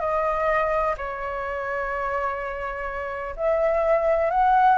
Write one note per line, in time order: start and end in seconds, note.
0.00 0.95 D#5
0.97 3.35 C#5
3.36 4.31 E5
4.31 4.78 F#5